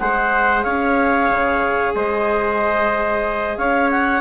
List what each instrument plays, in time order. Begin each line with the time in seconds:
0.00 bassoon G#3, viola G#4, trumpet C5, clarinet F#5
0.63 bassoon C#4, trumpet C#5, clarinet F5
1.31 bassoon C#3
1.95 bassoon G#3, trumpet C5, clarinet D#5
3.58 bassoon C#4, trumpet C#5, clarinet F5
3.91 clarinet F#5